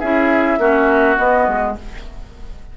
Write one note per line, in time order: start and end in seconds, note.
0.00 0.58 C#4
0.00 0.60 E4
0.00 0.59 G#4
0.00 1.17 E5
0.58 1.17 A#3
0.58 1.17 C#4
0.58 1.77 F#4
1.17 1.76 B3
1.17 1.47 B3
1.17 1.76 D#5
1.47 1.77 G#3